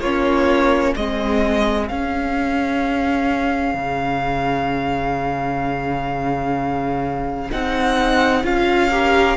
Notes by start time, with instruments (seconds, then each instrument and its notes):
0.00 cello A#3, viola C#4, violin F4 C#5
0.96 cello G#3, viola C4, violin G#4 D#5
1.88 viola C#4, cello C#4, violin F5
3.74 cello C#3
7.51 cello C4, viola D#4, violin F#5
8.44 cello C#4, viola F4, violin F5
8.90 viola G4, violin A#4